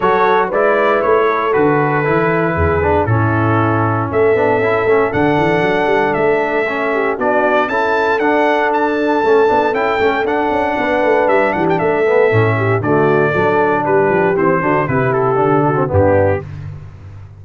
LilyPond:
<<
  \new Staff \with { instrumentName = "trumpet" } { \time 4/4 \tempo 4 = 117 cis''4 d''4 cis''4 b'4~ | b'2 a'2 | e''2 fis''2 | e''2 d''4 a''4 |
fis''4 a''2 g''4 | fis''2 e''8 fis''16 g''16 e''4~ | e''4 d''2 b'4 | c''4 b'8 a'4. g'4 | }
  \new Staff \with { instrumentName = "horn" } { \time 4/4 a'4 b'4. a'4.~ | a'4 gis'4 e'2 | a'1~ | a'4. g'8 fis'4 a'4~ |
a'1~ | a'4 b'4. g'8 a'4~ | a'8 g'8 fis'4 a'4 g'4~ | g'8 fis'8 g'4. fis'8 d'4 | }
  \new Staff \with { instrumentName = "trombone" } { \time 4/4 fis'4 e'2 fis'4 | e'4. d'8 cis'2~ | cis'8 d'8 e'8 cis'8 d'2~ | d'4 cis'4 d'4 e'4 |
d'2 cis'8 d'8 e'8 cis'8 | d'2.~ d'8 b8 | cis'4 a4 d'2 | c'8 d'8 e'4 d'8. c'16 b4 | }
  \new Staff \with { instrumentName = "tuba" } { \time 4/4 fis4 gis4 a4 d4 | e4 e,4 a,2 | a8 b8 cis'8 a8 d8 e8 fis8 g8 | a2 b4 cis'4 |
d'2 a8 b8 cis'8 a8 | d'8 cis'8 b8 a8 g8 e8 a4 | a,4 d4 fis4 g8 f8 | e8 d8 c4 d4 g,4 | }
>>